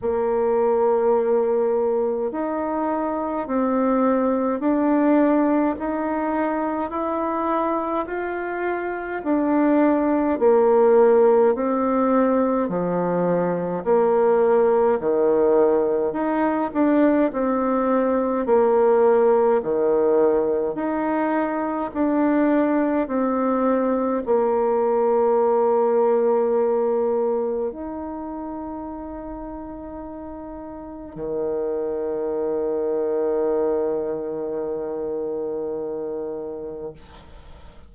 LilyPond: \new Staff \with { instrumentName = "bassoon" } { \time 4/4 \tempo 4 = 52 ais2 dis'4 c'4 | d'4 dis'4 e'4 f'4 | d'4 ais4 c'4 f4 | ais4 dis4 dis'8 d'8 c'4 |
ais4 dis4 dis'4 d'4 | c'4 ais2. | dis'2. dis4~ | dis1 | }